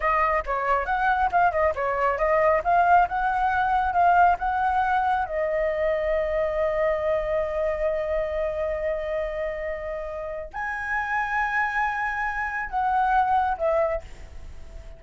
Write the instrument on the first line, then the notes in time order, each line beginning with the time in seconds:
flute
0.00 D#5
0.45 C#5
0.85 F#5
1.31 F5
1.51 D#5
1.75 C#5
2.18 D#5
2.64 F5
3.08 F#5
3.92 F5
4.38 F#5
5.25 D#5
10.53 G#5
12.69 F#5
13.57 E5